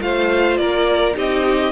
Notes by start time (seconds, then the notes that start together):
0.00 A3 F4 C5 F5
0.57 A#3 A#4 D5
1.13 C4 D#4 G4 D#5